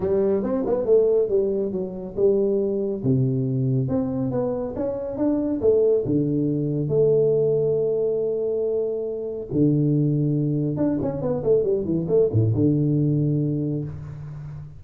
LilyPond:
\new Staff \with { instrumentName = "tuba" } { \time 4/4 \tempo 4 = 139 g4 c'8 b8 a4 g4 | fis4 g2 c4~ | c4 c'4 b4 cis'4 | d'4 a4 d2 |
a1~ | a2 d2~ | d4 d'8 cis'8 b8 a8 g8 e8 | a8 a,8 d2. | }